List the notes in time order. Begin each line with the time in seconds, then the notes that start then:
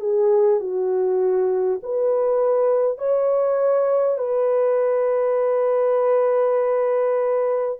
0.00 G#4
0.60 F#4
1.83 B4
2.98 C#5
4.18 B4